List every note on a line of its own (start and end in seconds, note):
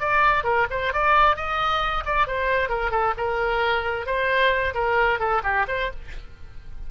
0.00 0.44 D5
0.44 0.67 A#4
0.70 0.93 C5
0.93 1.36 D5
1.36 2.04 D#5
2.05 2.27 D5
2.27 2.69 C5
2.69 2.91 A#4
2.91 3.14 A4
3.18 4.06 A#4
4.06 4.74 C5
4.74 5.19 A#4
5.19 5.42 A4
5.44 5.66 G4
5.68 5.91 C5